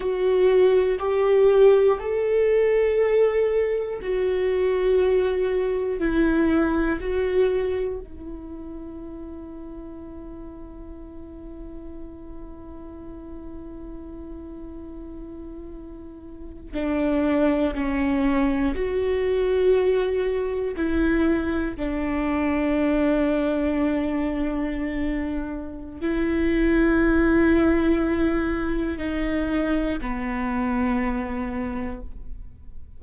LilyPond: \new Staff \with { instrumentName = "viola" } { \time 4/4 \tempo 4 = 60 fis'4 g'4 a'2 | fis'2 e'4 fis'4 | e'1~ | e'1~ |
e'8. d'4 cis'4 fis'4~ fis'16~ | fis'8. e'4 d'2~ d'16~ | d'2 e'2~ | e'4 dis'4 b2 | }